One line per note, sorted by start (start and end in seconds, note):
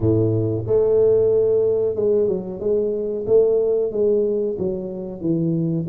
0.00 0.64 A2
0.66 1.95 A3
1.95 2.27 G#3
2.27 2.60 F#3
2.60 3.25 G#3
3.26 3.91 A3
3.91 4.56 G#3
4.58 5.20 F#3
5.20 5.85 E3